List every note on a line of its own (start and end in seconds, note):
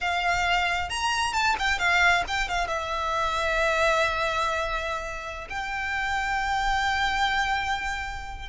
0.01 0.89 F5
0.89 1.33 A#5
1.33 1.55 A5
1.59 1.78 G5
1.78 2.23 F5
2.27 2.48 G5
2.48 2.67 F5
2.67 5.47 E5
5.49 8.49 G5